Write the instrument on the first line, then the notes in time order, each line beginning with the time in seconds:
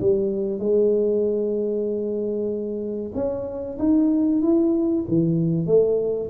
tuba
0.00 G3
0.59 G#3
3.14 C#4
3.78 D#4
4.42 E4
5.08 E3
5.66 A3